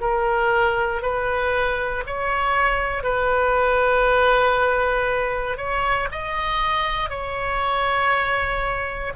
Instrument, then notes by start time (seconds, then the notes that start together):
oboe
0.00 A#4
1.02 B4
2.06 C#5
3.03 B4
5.57 C#5
6.12 D#5
7.09 C#5